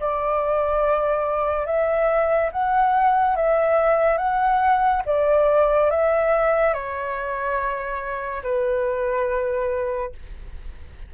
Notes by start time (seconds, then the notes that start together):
0.00 D5
1.66 E5
2.52 F#5
3.36 E5
4.18 F#5
5.06 D5
5.90 E5
6.73 C#5
8.43 B4